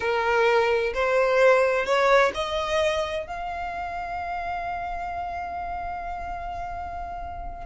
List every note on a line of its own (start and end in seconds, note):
0.00 0.93 A#4
0.94 1.85 C5
1.85 2.32 C#5
2.34 3.27 D#5
3.27 7.66 F5